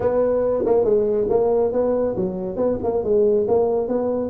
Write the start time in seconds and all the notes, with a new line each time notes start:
0.00 B3
0.65 A#3
0.84 G#3
1.29 A#3
1.72 B3
2.16 F#3
2.56 B3
2.83 A#3
3.03 G#3
3.48 A#3
3.88 B3